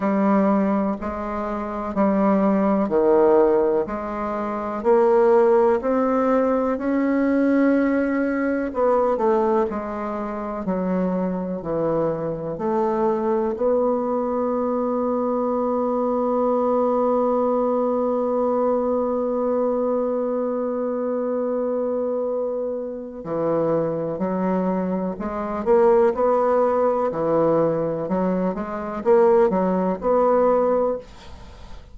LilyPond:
\new Staff \with { instrumentName = "bassoon" } { \time 4/4 \tempo 4 = 62 g4 gis4 g4 dis4 | gis4 ais4 c'4 cis'4~ | cis'4 b8 a8 gis4 fis4 | e4 a4 b2~ |
b1~ | b1 | e4 fis4 gis8 ais8 b4 | e4 fis8 gis8 ais8 fis8 b4 | }